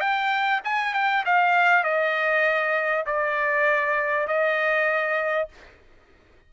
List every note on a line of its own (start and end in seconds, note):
0.00 0.61 G5
0.64 0.94 G#5
0.94 1.24 G5
1.25 1.83 F5
1.83 3.04 D#5
3.06 4.27 D5
4.27 5.48 D#5